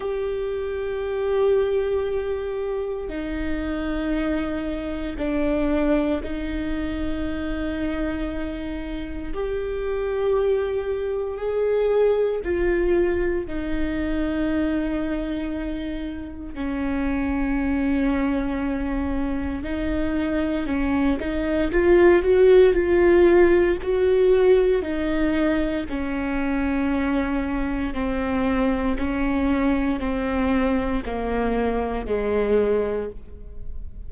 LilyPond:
\new Staff \with { instrumentName = "viola" } { \time 4/4 \tempo 4 = 58 g'2. dis'4~ | dis'4 d'4 dis'2~ | dis'4 g'2 gis'4 | f'4 dis'2. |
cis'2. dis'4 | cis'8 dis'8 f'8 fis'8 f'4 fis'4 | dis'4 cis'2 c'4 | cis'4 c'4 ais4 gis4 | }